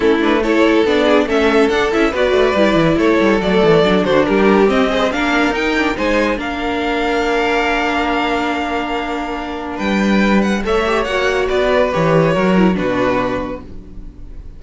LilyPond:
<<
  \new Staff \with { instrumentName = "violin" } { \time 4/4 \tempo 4 = 141 a'8 b'8 cis''4 d''4 e''4 | fis''8 e''8 d''2 cis''4 | d''4. c''8 ais'4 dis''4 | f''4 g''4 gis''4 f''4~ |
f''1~ | f''2. g''4~ | g''8 fis''8 e''4 fis''4 d''4 | cis''2 b'2 | }
  \new Staff \with { instrumentName = "violin" } { \time 4/4 e'4 a'4. gis'8 a'4~ | a'4 b'2 a'4~ | a'4. fis'8 g'4. c''8 | ais'2 c''4 ais'4~ |
ais'1~ | ais'2. b'4~ | b'4 cis''2 b'4~ | b'4 ais'4 fis'2 | }
  \new Staff \with { instrumentName = "viola" } { \time 4/4 cis'8 d'8 e'4 d'4 cis'4 | d'8 e'8 fis'4 e'2 | a4 d'2 c'8 gis'8 | d'4 dis'8 d'8 dis'4 d'4~ |
d'1~ | d'1~ | d'4 a'8 g'8 fis'2 | g'4 fis'8 e'8 d'2 | }
  \new Staff \with { instrumentName = "cello" } { \time 4/4 a2 b4 a4 | d'8 cis'8 b8 a8 g8 e8 a8 g8 | fis8 e8 fis8 d8 g4 c'4 | ais4 dis'4 gis4 ais4~ |
ais1~ | ais2. g4~ | g4 a4 ais4 b4 | e4 fis4 b,2 | }
>>